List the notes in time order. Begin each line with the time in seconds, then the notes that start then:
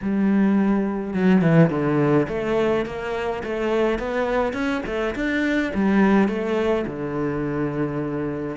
0.02 G3
1.13 F#3
1.41 E3
1.70 D3
2.28 A3
2.85 A#3
3.43 A3
3.98 B3
4.53 C#4
4.86 A3
5.15 D4
5.74 G3
6.28 A3
6.86 D3